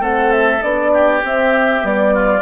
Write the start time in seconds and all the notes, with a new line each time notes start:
0.00 A3 C4 A4 F#5
0.32 E5
0.62 B3 D4 D5
0.94 G4
1.23 C4 E5
1.81 G3 B3 D5
2.14 F4